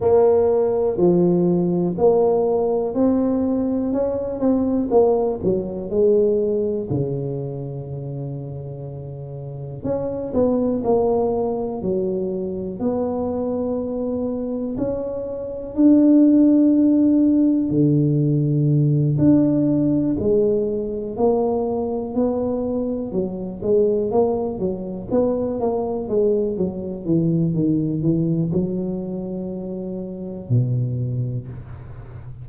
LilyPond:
\new Staff \with { instrumentName = "tuba" } { \time 4/4 \tempo 4 = 61 ais4 f4 ais4 c'4 | cis'8 c'8 ais8 fis8 gis4 cis4~ | cis2 cis'8 b8 ais4 | fis4 b2 cis'4 |
d'2 d4. d'8~ | d'8 gis4 ais4 b4 fis8 | gis8 ais8 fis8 b8 ais8 gis8 fis8 e8 | dis8 e8 fis2 b,4 | }